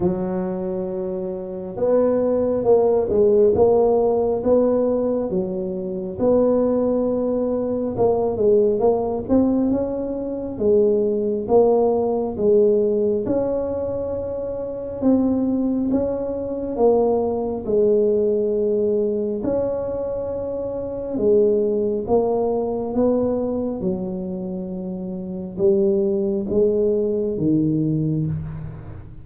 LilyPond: \new Staff \with { instrumentName = "tuba" } { \time 4/4 \tempo 4 = 68 fis2 b4 ais8 gis8 | ais4 b4 fis4 b4~ | b4 ais8 gis8 ais8 c'8 cis'4 | gis4 ais4 gis4 cis'4~ |
cis'4 c'4 cis'4 ais4 | gis2 cis'2 | gis4 ais4 b4 fis4~ | fis4 g4 gis4 dis4 | }